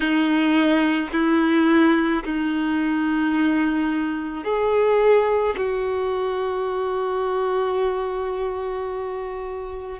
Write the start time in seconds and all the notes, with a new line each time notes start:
0.00 D#4
1.12 E4
2.24 D#4
4.43 G#4
5.56 F#4